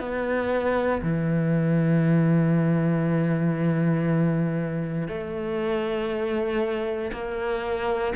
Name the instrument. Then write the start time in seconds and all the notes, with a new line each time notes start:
cello
0.00 B3
1.03 E3
5.08 A3
7.13 A#3